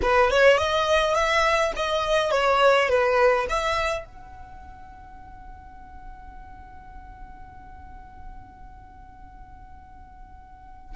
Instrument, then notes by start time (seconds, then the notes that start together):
violin
0.02 B4
0.30 C#5
0.57 D#5
1.14 E5
1.76 D#5
2.31 C#5
2.88 B4
3.49 E5
4.05 F#5